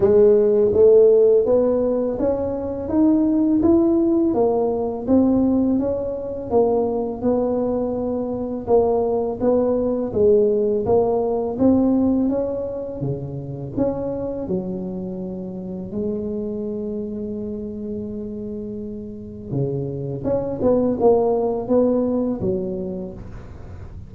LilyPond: \new Staff \with { instrumentName = "tuba" } { \time 4/4 \tempo 4 = 83 gis4 a4 b4 cis'4 | dis'4 e'4 ais4 c'4 | cis'4 ais4 b2 | ais4 b4 gis4 ais4 |
c'4 cis'4 cis4 cis'4 | fis2 gis2~ | gis2. cis4 | cis'8 b8 ais4 b4 fis4 | }